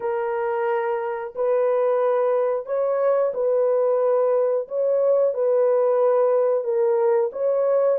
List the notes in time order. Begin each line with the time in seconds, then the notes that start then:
0.00 A#4
1.35 B4
2.65 C#5
3.34 B4
4.68 C#5
5.34 B4
6.63 A#4
7.32 C#5